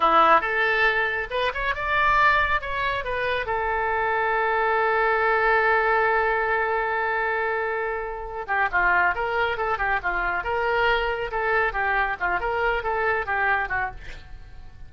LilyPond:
\new Staff \with { instrumentName = "oboe" } { \time 4/4 \tempo 4 = 138 e'4 a'2 b'8 cis''8 | d''2 cis''4 b'4 | a'1~ | a'1~ |
a'2.~ a'8 g'8 | f'4 ais'4 a'8 g'8 f'4 | ais'2 a'4 g'4 | f'8 ais'4 a'4 g'4 fis'8 | }